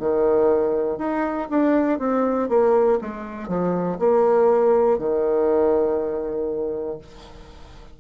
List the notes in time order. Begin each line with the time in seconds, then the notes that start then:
0.00 D#3
0.98 D#4
1.50 D4
1.99 C4
2.49 A#3
3.01 G#3
3.48 F3
3.99 A#3
4.99 D#3